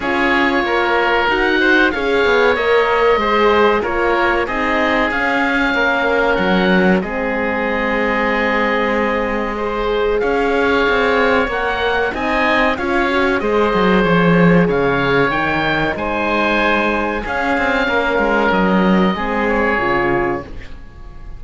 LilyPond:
<<
  \new Staff \with { instrumentName = "oboe" } { \time 4/4 \tempo 4 = 94 cis''2 fis''4 f''4 | dis''2 cis''4 dis''4 | f''2 fis''4 dis''4~ | dis''1 |
f''2 fis''4 gis''4 | f''4 dis''4 cis''4 f''4 | g''4 gis''2 f''4~ | f''4 dis''4. cis''4. | }
  \new Staff \with { instrumentName = "oboe" } { \time 4/4 gis'4 ais'4. c''8 cis''4~ | cis''4 c''4 ais'4 gis'4~ | gis'4 ais'2 gis'4~ | gis'2. c''4 |
cis''2. dis''4 | cis''4 c''2 cis''4~ | cis''4 c''2 gis'4 | ais'2 gis'2 | }
  \new Staff \with { instrumentName = "horn" } { \time 4/4 f'2 fis'4 gis'4 | ais'4 gis'4 f'4 dis'4 | cis'2. c'4~ | c'2. gis'4~ |
gis'2 ais'4 dis'4 | f'8 fis'8 gis'2. | dis'2. cis'4~ | cis'2 c'4 f'4 | }
  \new Staff \with { instrumentName = "cello" } { \time 4/4 cis'4 ais4 dis'4 cis'8 b8 | ais4 gis4 ais4 c'4 | cis'4 ais4 fis4 gis4~ | gis1 |
cis'4 c'4 ais4 c'4 | cis'4 gis8 fis8 f4 cis4 | dis4 gis2 cis'8 c'8 | ais8 gis8 fis4 gis4 cis4 | }
>>